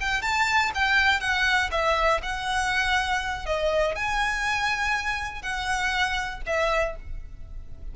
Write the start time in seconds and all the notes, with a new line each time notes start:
0.00 G5
0.21 A5
0.74 G5
1.20 F#5
1.71 E5
2.22 F#5
3.46 D#5
3.95 G#5
5.42 F#5
6.46 E5